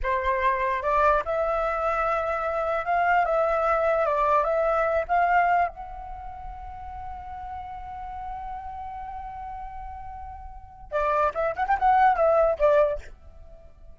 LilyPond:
\new Staff \with { instrumentName = "flute" } { \time 4/4 \tempo 4 = 148 c''2 d''4 e''4~ | e''2. f''4 | e''2 d''4 e''4~ | e''8 f''4. fis''2~ |
fis''1~ | fis''1~ | fis''2. d''4 | e''8 fis''16 g''16 fis''4 e''4 d''4 | }